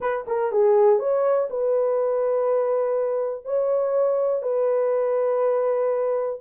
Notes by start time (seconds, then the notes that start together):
0.00 B4
0.27 A#4
0.51 G#4
0.99 C#5
1.50 B4
3.44 C#5
4.42 B4